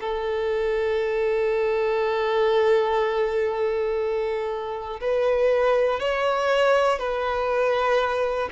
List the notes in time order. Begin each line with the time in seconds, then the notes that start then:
0.00 A4
5.00 B4
6.00 C#5
6.99 B4